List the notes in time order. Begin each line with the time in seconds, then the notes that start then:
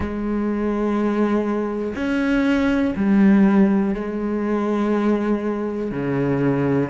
0.00 G#3
1.95 C#4
2.96 G3
3.94 G#3
5.91 C#3